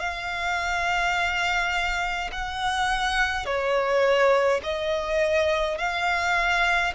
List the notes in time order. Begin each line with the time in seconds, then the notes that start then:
0.00 F5
2.32 F#5
3.46 C#5
4.64 D#5
5.78 F5